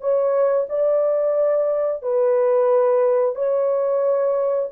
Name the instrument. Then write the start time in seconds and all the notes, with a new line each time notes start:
horn
0.00 C#5
0.69 D5
2.02 B4
3.35 C#5